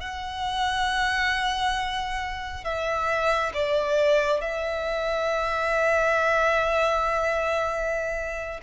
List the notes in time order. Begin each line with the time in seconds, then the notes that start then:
0.00 F#5
2.64 E5
3.54 D5
4.41 E5